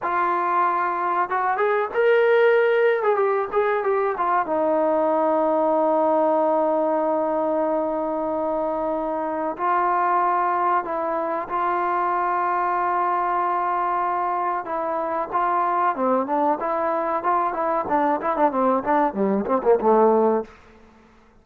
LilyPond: \new Staff \with { instrumentName = "trombone" } { \time 4/4 \tempo 4 = 94 f'2 fis'8 gis'8 ais'4~ | ais'8. gis'16 g'8 gis'8 g'8 f'8 dis'4~ | dis'1~ | dis'2. f'4~ |
f'4 e'4 f'2~ | f'2. e'4 | f'4 c'8 d'8 e'4 f'8 e'8 | d'8 e'16 d'16 c'8 d'8 g8 c'16 ais16 a4 | }